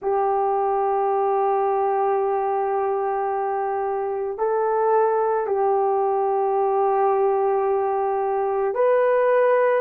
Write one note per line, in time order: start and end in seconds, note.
0.01 4.38 G4
4.38 5.46 A4
5.46 8.74 G4
8.74 9.81 B4